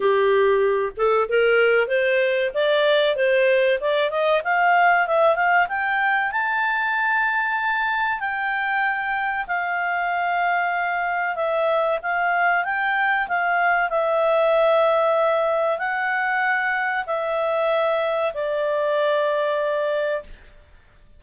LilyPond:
\new Staff \with { instrumentName = "clarinet" } { \time 4/4 \tempo 4 = 95 g'4. a'8 ais'4 c''4 | d''4 c''4 d''8 dis''8 f''4 | e''8 f''8 g''4 a''2~ | a''4 g''2 f''4~ |
f''2 e''4 f''4 | g''4 f''4 e''2~ | e''4 fis''2 e''4~ | e''4 d''2. | }